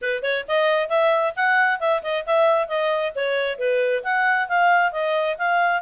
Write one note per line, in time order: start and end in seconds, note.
0.01 0.22 B4
0.22 0.45 C#5
0.47 0.89 D#5
0.89 1.33 E5
1.36 1.80 F#5
1.80 2.02 E5
2.02 2.25 D#5
2.26 2.68 E5
2.68 3.12 D#5
3.15 3.58 C#5
3.58 4.03 B4
4.03 4.48 F#5
4.48 4.92 F5
4.92 5.36 D#5
5.38 5.81 F5